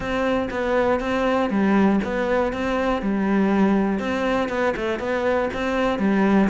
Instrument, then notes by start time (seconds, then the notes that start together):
cello
0.00 C4
0.50 B3
1.00 C4
1.50 G3
2.03 B3
2.52 C4
3.02 G3
3.99 C4
4.48 B3
4.76 A3
4.99 B3
5.53 C4
5.99 G3